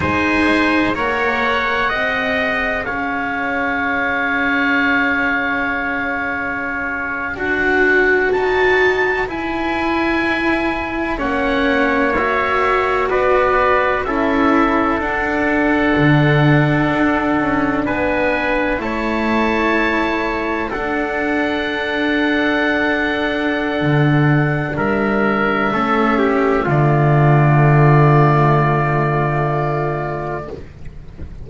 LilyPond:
<<
  \new Staff \with { instrumentName = "oboe" } { \time 4/4 \tempo 4 = 63 gis''4 fis''2 f''4~ | f''2.~ f''8. fis''16~ | fis''8. a''4 gis''2 fis''16~ | fis''8. e''4 d''4 e''4 fis''16~ |
fis''2~ fis''8. gis''4 a''16~ | a''4.~ a''16 fis''2~ fis''16~ | fis''2 e''2 | d''1 | }
  \new Staff \with { instrumentName = "trumpet" } { \time 4/4 c''4 cis''4 dis''4 cis''4~ | cis''2.~ cis''8. b'16~ | b'2.~ b'8. cis''16~ | cis''4.~ cis''16 b'4 a'4~ a'16~ |
a'2~ a'8. b'4 cis''16~ | cis''4.~ cis''16 a'2~ a'16~ | a'2 ais'4 a'8 g'8 | f'1 | }
  \new Staff \with { instrumentName = "cello" } { \time 4/4 dis'4 ais'4 gis'2~ | gis'2.~ gis'8. fis'16~ | fis'4.~ fis'16 e'2 cis'16~ | cis'8. fis'2 e'4 d'16~ |
d'2.~ d'8. e'16~ | e'4.~ e'16 d'2~ d'16~ | d'2. cis'4 | a1 | }
  \new Staff \with { instrumentName = "double bass" } { \time 4/4 gis4 ais4 c'4 cis'4~ | cis'2.~ cis'8. d'16~ | d'8. dis'4 e'2 ais16~ | ais4.~ ais16 b4 cis'4 d'16~ |
d'8. d4 d'8 cis'8 b4 a16~ | a4.~ a16 d'2~ d'16~ | d'4 d4 g4 a4 | d1 | }
>>